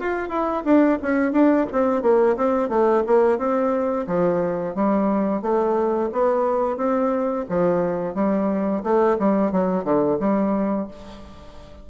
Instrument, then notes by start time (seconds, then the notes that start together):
bassoon
0.00 F4
0.29 E4
0.65 D4
1.03 C#4
1.33 D4
1.73 C4
2.02 A#3
2.37 C4
2.70 A3
3.07 A#3
3.38 C4
4.08 F3
4.76 G3
5.42 A3
6.13 B3
6.77 C4
7.49 F3
8.15 G3
8.84 A3
9.19 G3
9.52 F#3
9.85 D3
10.20 G3